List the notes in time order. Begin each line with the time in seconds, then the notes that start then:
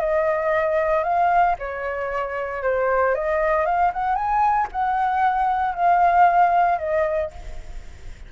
0.00 D#5
1.03 F5
1.59 C#5
2.63 C5
3.15 D#5
3.65 F5
3.93 F#5
4.15 G#5
4.72 F#5
5.75 F5
6.78 D#5